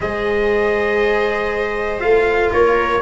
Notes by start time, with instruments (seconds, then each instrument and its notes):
0.00 tuba G#3, cello G#4, viola C5, trumpet D#5
1.99 tuba A3, cello F4, trumpet F5
2.51 tuba A#3, viola A#4, trumpet C#5